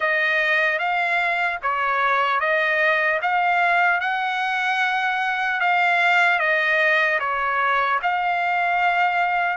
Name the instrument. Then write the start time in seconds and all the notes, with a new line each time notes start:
trumpet
0.00 D#5
0.79 F5
1.62 C#5
2.40 D#5
3.21 F5
4.00 F#5
5.60 F5
6.39 D#5
7.19 C#5
8.02 F5